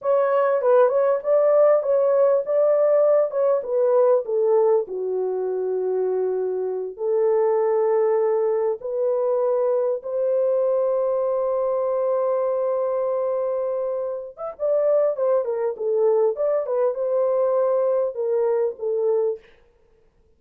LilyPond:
\new Staff \with { instrumentName = "horn" } { \time 4/4 \tempo 4 = 99 cis''4 b'8 cis''8 d''4 cis''4 | d''4. cis''8 b'4 a'4 | fis'2.~ fis'8 a'8~ | a'2~ a'8 b'4.~ |
b'8 c''2.~ c''8~ | c''2.~ c''8. e''16 | d''4 c''8 ais'8 a'4 d''8 b'8 | c''2 ais'4 a'4 | }